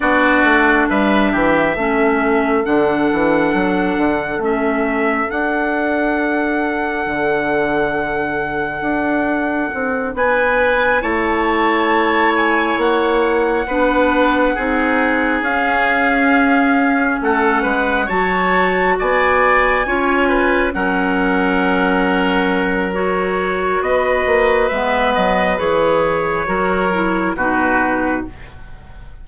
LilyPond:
<<
  \new Staff \with { instrumentName = "trumpet" } { \time 4/4 \tempo 4 = 68 d''4 e''2 fis''4~ | fis''4 e''4 fis''2~ | fis''2.~ fis''8 gis''8~ | gis''8 a''4. gis''8 fis''4.~ |
fis''4. f''2 fis''8~ | fis''8 a''4 gis''2 fis''8~ | fis''2 cis''4 dis''4 | e''8 dis''8 cis''2 b'4 | }
  \new Staff \with { instrumentName = "oboe" } { \time 4/4 fis'4 b'8 g'8 a'2~ | a'1~ | a'2.~ a'8 b'8~ | b'8 cis''2. b'8~ |
b'8 gis'2. a'8 | b'8 cis''4 d''4 cis''8 b'8 ais'8~ | ais'2. b'4~ | b'2 ais'4 fis'4 | }
  \new Staff \with { instrumentName = "clarinet" } { \time 4/4 d'2 cis'4 d'4~ | d'4 cis'4 d'2~ | d'1~ | d'8 e'2. d'8~ |
d'8 dis'4 cis'2~ cis'8~ | cis'8 fis'2 f'4 cis'8~ | cis'2 fis'2 | b4 gis'4 fis'8 e'8 dis'4 | }
  \new Staff \with { instrumentName = "bassoon" } { \time 4/4 b8 a8 g8 e8 a4 d8 e8 | fis8 d8 a4 d'2 | d2 d'4 c'8 b8~ | b8 a2 ais4 b8~ |
b8 c'4 cis'2 a8 | gis8 fis4 b4 cis'4 fis8~ | fis2. b8 ais8 | gis8 fis8 e4 fis4 b,4 | }
>>